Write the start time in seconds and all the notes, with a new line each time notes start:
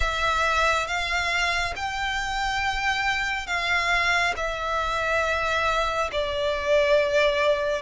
0.00 E5
0.87 F5
1.76 G5
3.47 F5
4.36 E5
6.11 D5